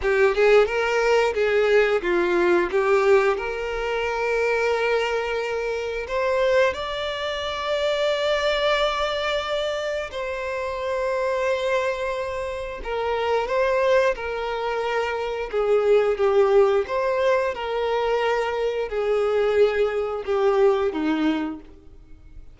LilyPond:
\new Staff \with { instrumentName = "violin" } { \time 4/4 \tempo 4 = 89 g'8 gis'8 ais'4 gis'4 f'4 | g'4 ais'2.~ | ais'4 c''4 d''2~ | d''2. c''4~ |
c''2. ais'4 | c''4 ais'2 gis'4 | g'4 c''4 ais'2 | gis'2 g'4 dis'4 | }